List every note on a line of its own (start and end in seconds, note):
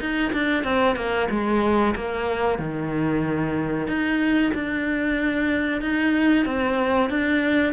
0.00 0.32 D#4
0.33 0.64 D4
0.64 0.96 C4
0.96 1.28 A#3
1.30 1.94 G#3
1.95 2.58 A#3
2.58 3.87 D#3
3.87 4.52 D#4
4.54 5.82 D4
5.82 6.45 D#4
6.45 7.10 C4
7.10 7.73 D4